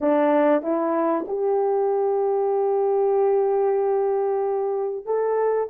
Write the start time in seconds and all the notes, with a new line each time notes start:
0.01 D4
0.62 E4
1.27 G4
5.05 A4